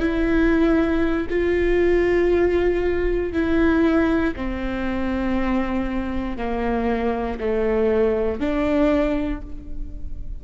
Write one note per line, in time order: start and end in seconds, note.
0.00 1.27 E4
1.30 3.33 F4
3.33 4.35 E4
4.36 6.37 C4
6.37 7.39 A#3
7.41 8.40 A3
8.40 9.42 D4